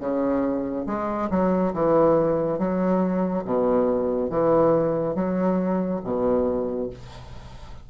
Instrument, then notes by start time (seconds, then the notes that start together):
bassoon
0.00 C#3
0.86 G#3
1.30 F#3
1.74 E3
2.59 F#3
3.45 B2
4.30 E3
5.15 F#3
6.04 B2